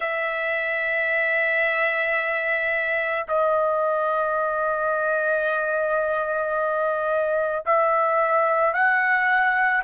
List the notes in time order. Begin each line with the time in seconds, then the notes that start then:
0.00 E5
3.27 D#5
7.65 E5
8.73 F#5